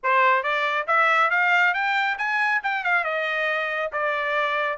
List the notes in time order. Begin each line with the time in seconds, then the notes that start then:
0.03 C5
0.43 D5
0.87 E5
1.30 F5
1.74 G5
2.18 G#5
2.63 G5
2.84 F5
3.04 D#5
3.92 D5